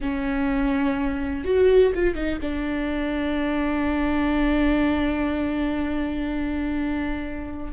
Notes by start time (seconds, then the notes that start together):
0.00 C#4
1.44 F#4
1.94 F4
2.14 D#4
2.41 D4